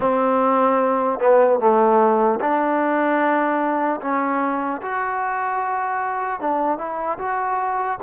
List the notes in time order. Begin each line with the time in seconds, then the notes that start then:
0.00 C4
1.19 B3
1.59 A3
2.40 D4
4.01 C#4
4.81 F#4
6.40 D4
6.78 E4
7.18 F#4